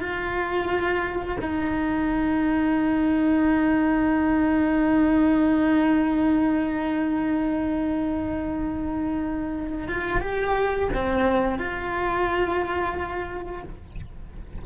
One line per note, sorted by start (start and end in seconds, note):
0.00 1.36 F4
1.41 9.88 D#4
9.88 10.21 F4
10.21 10.89 G4
10.94 11.58 C4
11.58 13.63 F4